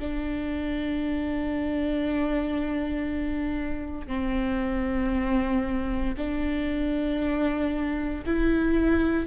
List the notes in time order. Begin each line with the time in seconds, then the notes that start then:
0.00 D4
4.07 C4
6.17 D4
8.26 E4